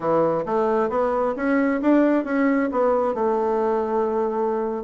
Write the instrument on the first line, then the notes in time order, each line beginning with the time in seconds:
bassoon
0.00 E3
0.45 A3
0.89 B3
1.35 C#4
1.81 D4
2.24 C#4
2.71 B3
3.14 A3